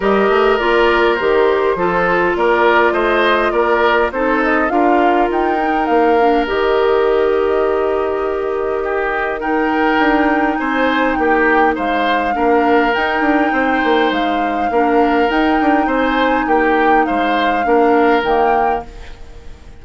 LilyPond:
<<
  \new Staff \with { instrumentName = "flute" } { \time 4/4 \tempo 4 = 102 dis''4 d''4 c''2 | d''4 dis''4 d''4 c''8 dis''8 | f''4 g''4 f''4 dis''4~ | dis''1 |
g''2 gis''4 g''4 | f''2 g''2 | f''2 g''4 gis''4 | g''4 f''2 g''4 | }
  \new Staff \with { instrumentName = "oboe" } { \time 4/4 ais'2. a'4 | ais'4 c''4 ais'4 a'4 | ais'1~ | ais'2. g'4 |
ais'2 c''4 g'4 | c''4 ais'2 c''4~ | c''4 ais'2 c''4 | g'4 c''4 ais'2 | }
  \new Staff \with { instrumentName = "clarinet" } { \time 4/4 g'4 f'4 g'4 f'4~ | f'2. dis'4 | f'4. dis'4 d'8 g'4~ | g'1 |
dis'1~ | dis'4 d'4 dis'2~ | dis'4 d'4 dis'2~ | dis'2 d'4 ais4 | }
  \new Staff \with { instrumentName = "bassoon" } { \time 4/4 g8 a8 ais4 dis4 f4 | ais4 a4 ais4 c'4 | d'4 dis'4 ais4 dis4~ | dis1~ |
dis4 d'4 c'4 ais4 | gis4 ais4 dis'8 d'8 c'8 ais8 | gis4 ais4 dis'8 d'8 c'4 | ais4 gis4 ais4 dis4 | }
>>